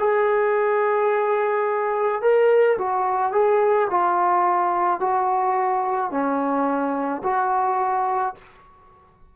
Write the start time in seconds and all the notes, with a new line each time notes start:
0.00 G#4
2.22 A#4
2.79 F#4
3.33 G#4
3.91 F4
5.01 F#4
6.12 C#4
7.24 F#4